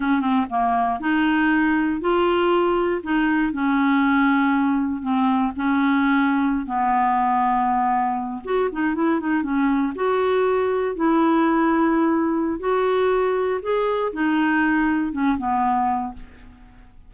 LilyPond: \new Staff \with { instrumentName = "clarinet" } { \time 4/4 \tempo 4 = 119 cis'8 c'8 ais4 dis'2 | f'2 dis'4 cis'4~ | cis'2 c'4 cis'4~ | cis'4~ cis'16 b2~ b8.~ |
b8. fis'8 dis'8 e'8 dis'8 cis'4 fis'16~ | fis'4.~ fis'16 e'2~ e'16~ | e'4 fis'2 gis'4 | dis'2 cis'8 b4. | }